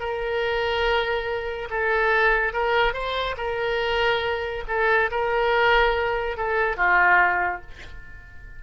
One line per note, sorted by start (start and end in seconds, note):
0.00 1.69 A#4
1.71 2.54 A4
2.54 2.94 A#4
2.94 3.36 C5
3.37 4.64 A#4
4.69 5.11 A4
5.12 6.38 A#4
6.38 6.77 A4
6.77 7.62 F4